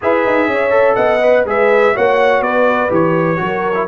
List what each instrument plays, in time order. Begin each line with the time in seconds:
0.01 tuba E4, trombone G#4, horn B4, trumpet E5
0.26 tuba D#4
0.47 tuba C#4, horn C#5
0.70 trombone A4
0.95 tuba B3, horn D#5, trumpet F#5
1.22 trombone B4
1.45 tuba G#3, trombone G#4, horn B4, trumpet E5
1.94 tuba A#3, trombone F#4, horn C#5, trumpet F#5
2.41 tuba B3, horn B4, trumpet D5
2.89 tuba E3, trombone G4, trumpet C#5
3.36 tuba F#3, trombone F#4, horn A#4
3.74 trombone E4